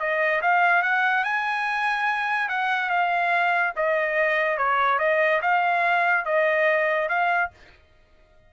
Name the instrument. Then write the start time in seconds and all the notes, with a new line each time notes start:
trumpet
0.00 D#5
0.42 F5
0.83 F#5
1.24 G#5
2.49 F#5
2.90 F5
3.76 D#5
4.58 C#5
4.99 D#5
5.42 F5
6.26 D#5
7.09 F5